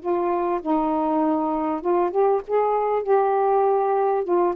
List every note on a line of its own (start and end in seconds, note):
0.00 0.61 F4
0.61 1.81 D#4
1.81 2.11 F4
2.11 2.41 G4
2.47 3.03 G#4
3.03 4.24 G4
4.24 4.55 F4